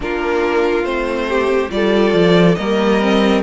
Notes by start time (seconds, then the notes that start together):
0.00 A#3 D4 F4 A#4
0.83 A3 C4 C5
1.28 G4
1.69 G3 F4 A4 D5
2.13 F3
2.55 G3 A#3 A#4 D#5
3.01 C4